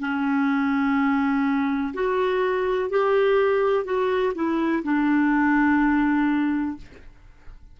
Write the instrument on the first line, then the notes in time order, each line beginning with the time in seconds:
clarinet
0.00 C#4
1.94 F#4
2.90 G4
3.85 F#4
4.35 E4
4.83 D4